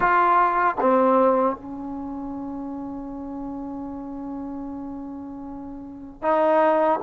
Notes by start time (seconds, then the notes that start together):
0.00 F4
0.80 C4
1.56 C#4
6.22 D#4